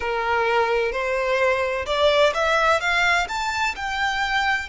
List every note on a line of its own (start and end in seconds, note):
0.00 0.92 A#4
0.92 1.85 C5
1.86 2.33 D5
2.34 2.80 E5
2.80 3.27 F5
3.28 3.75 A5
3.75 4.69 G5